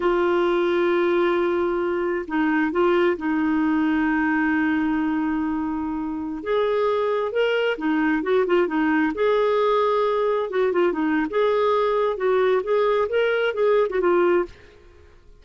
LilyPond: \new Staff \with { instrumentName = "clarinet" } { \time 4/4 \tempo 4 = 133 f'1~ | f'4 dis'4 f'4 dis'4~ | dis'1~ | dis'2~ dis'16 gis'4.~ gis'16~ |
gis'16 ais'4 dis'4 fis'8 f'8 dis'8.~ | dis'16 gis'2. fis'8 f'16~ | f'16 dis'8. gis'2 fis'4 | gis'4 ais'4 gis'8. fis'16 f'4 | }